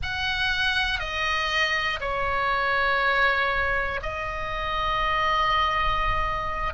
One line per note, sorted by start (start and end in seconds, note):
0.02 0.99 F#5
0.99 1.99 D#5
2.00 4.00 C#5
4.02 6.73 D#5